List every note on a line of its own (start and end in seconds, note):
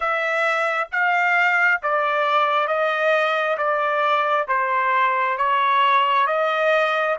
0.00 0.88 E5
0.91 1.81 F5
1.82 2.67 D5
2.67 3.57 D#5
3.57 4.47 D5
4.48 5.37 C5
5.37 6.26 C#5
6.26 7.16 D#5